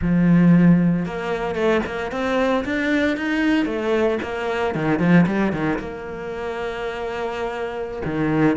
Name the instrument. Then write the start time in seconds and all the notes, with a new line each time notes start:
cello
0.01 F3
1.05 A#3
1.55 A3
1.85 A#3
2.11 C4
2.65 D4
3.16 D#4
3.65 A3
4.22 A#3
4.74 D#3
4.99 F3
5.26 G3
5.52 D#3
5.78 A#3
8.04 D#3